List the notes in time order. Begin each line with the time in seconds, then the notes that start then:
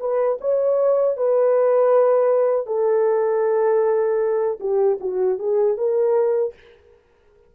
0.00 B4
0.41 C#5
1.17 B4
2.66 A4
4.60 G4
5.00 F#4
5.39 G#4
5.77 A#4